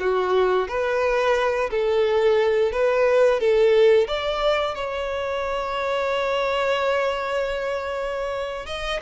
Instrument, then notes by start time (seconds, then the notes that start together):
violin
0.00 F#4
0.68 B4
1.71 A4
2.72 B4
3.41 A4
4.08 D5
4.75 C#5
8.66 D#5